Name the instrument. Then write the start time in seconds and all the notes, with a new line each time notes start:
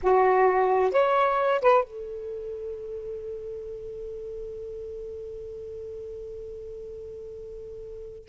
saxophone
0.03 F#4
0.91 C#5
1.61 B4
1.84 A4